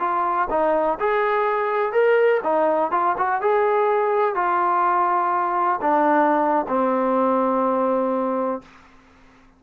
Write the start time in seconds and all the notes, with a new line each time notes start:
0.00 F4
0.51 D#4
1.00 G#4
1.93 A#4
2.43 D#4
2.92 F4
3.18 F#4
3.42 G#4
4.35 F4
5.82 D4
6.68 C4